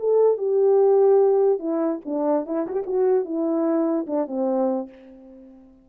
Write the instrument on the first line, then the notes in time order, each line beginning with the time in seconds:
horn
0.00 A4
0.38 G4
1.60 E4
2.06 D4
2.47 E4
2.67 F#4
2.73 G4
2.87 F#4
3.25 E4
4.07 D4
4.28 C4